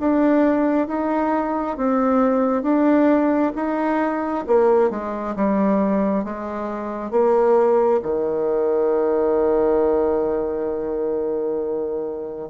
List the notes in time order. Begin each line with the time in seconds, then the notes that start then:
0.00 D4
0.88 D#4
1.77 C4
2.63 D4
3.56 D#4
4.47 A#3
4.90 G#3
5.36 G3
6.24 G#3
7.11 A#3
8.02 D#3